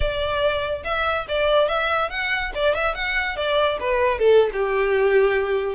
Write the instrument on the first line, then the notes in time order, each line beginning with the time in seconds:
violin
0.00 D5
0.84 E5
1.28 D5
1.68 E5
2.10 F#5
2.54 D5
2.74 E5
2.94 F#5
3.36 D5
3.80 B4
4.18 A4
4.52 G4